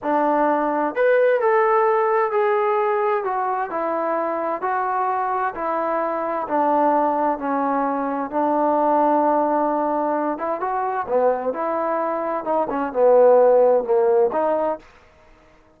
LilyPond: \new Staff \with { instrumentName = "trombone" } { \time 4/4 \tempo 4 = 130 d'2 b'4 a'4~ | a'4 gis'2 fis'4 | e'2 fis'2 | e'2 d'2 |
cis'2 d'2~ | d'2~ d'8 e'8 fis'4 | b4 e'2 dis'8 cis'8 | b2 ais4 dis'4 | }